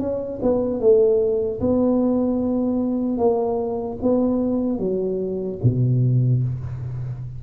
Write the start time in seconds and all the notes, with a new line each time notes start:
0.00 C#4
0.43 B3
0.80 A3
1.61 B3
3.18 A#3
4.03 B3
4.79 F#3
5.64 B2